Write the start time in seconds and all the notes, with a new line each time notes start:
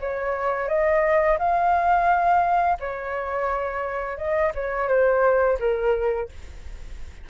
0.00 C#5
0.68 D#5
1.38 F5
2.79 C#5
4.17 D#5
4.54 C#5
4.88 C5
5.59 A#4